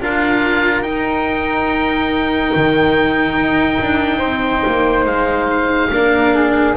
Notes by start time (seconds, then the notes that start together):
0.00 D4 F4 A#4 F5
0.82 D#4 G5
2.55 D#3
3.36 D#4
3.80 D4
4.18 C4 C5
4.66 A#3
5.06 G#3 F5
5.91 A#3 D4 A#4
6.35 G#4